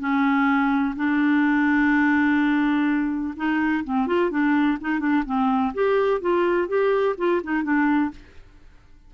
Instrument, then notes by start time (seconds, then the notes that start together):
clarinet
0.00 C#4
0.96 D4
3.37 D#4
3.85 C4
4.07 F4
4.31 D4
4.81 D#4
5.00 D4
5.26 C4
5.74 G4
6.21 F4
6.68 G4
7.18 F4
7.44 D#4
7.64 D4